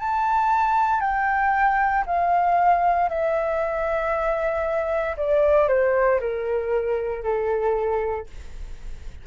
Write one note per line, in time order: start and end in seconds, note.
0.00 1.01 A5
1.01 2.04 G5
2.06 3.09 F5
3.09 5.16 E5
5.17 5.68 D5
5.68 6.20 C5
6.20 7.23 A#4
7.23 8.27 A4